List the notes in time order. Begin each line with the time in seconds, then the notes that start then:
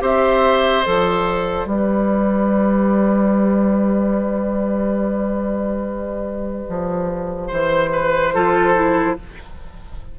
0.00 C4 G4 C5 E5
0.83 F3 A4 D5
1.66 G3 G4 B4
6.69 F3
7.47 E3 C5
7.93 B4
8.34 F3 F4 A4
8.75 E4